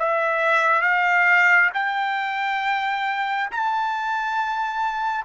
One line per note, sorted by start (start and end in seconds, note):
0.00 0.82 E5
0.82 1.70 F5
1.74 3.51 G5
3.51 5.25 A5